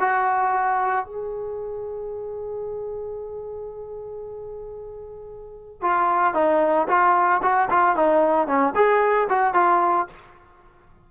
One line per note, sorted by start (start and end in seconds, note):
0.00 1.05 F#4
1.05 5.81 G#4
5.81 6.34 F4
6.34 6.87 D#4
6.88 7.41 F4
7.42 7.69 F#4
7.70 7.96 F4
7.96 8.47 D#4
8.47 8.74 C#4
8.75 9.28 G#4
9.29 9.54 F#4
9.54 10.07 F4